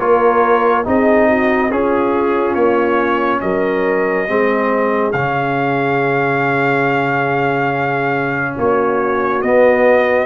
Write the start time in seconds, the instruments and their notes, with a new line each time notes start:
0.00 tuba A#3, trombone F4, horn A#4, trumpet C#5
0.85 tuba C4, trombone D#4, horn G#4, trumpet D#5
1.29 horn F#4
1.71 tuba C#4, trombone C#4, horn F4, trumpet G#4
2.55 tuba A#3, trumpet C#5
3.42 tuba F#3, horn A#4, trumpet D#5
4.28 tuba G#3, trombone C4, horn G#4
5.13 tuba C#3, trombone C#4, trumpet F5
8.58 tuba A#3, horn F#4, trumpet C#5
9.42 tuba B3, trombone B3, trumpet D#5